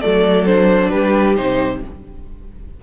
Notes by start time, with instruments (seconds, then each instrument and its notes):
0.00 cello F#3, viola A3, violin A4 D5
0.46 viola D4, violin C5
0.90 cello G3, violin G4 B4
1.36 cello C3, viola D#4, violin C5